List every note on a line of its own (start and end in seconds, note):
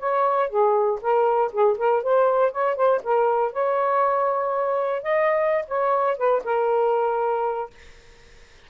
0.00 0.50 C#5
0.50 1.00 G#4
1.02 1.52 A#4
1.53 1.78 G#4
1.78 2.04 A#4
2.04 2.52 C5
2.52 2.76 C#5
2.76 3.02 C5
3.04 3.53 A#4
3.53 5.03 C#5
5.03 5.66 D#5
5.68 6.18 C#5
6.18 6.43 B4
6.45 7.71 A#4